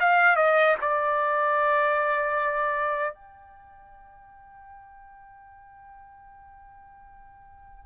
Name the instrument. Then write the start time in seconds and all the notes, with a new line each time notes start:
trumpet
0.00 F5
0.36 D#5
0.81 D5
3.15 G5